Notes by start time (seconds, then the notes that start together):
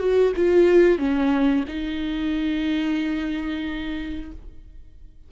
0.00 F#4
0.37 F4
0.99 C#4
1.68 D#4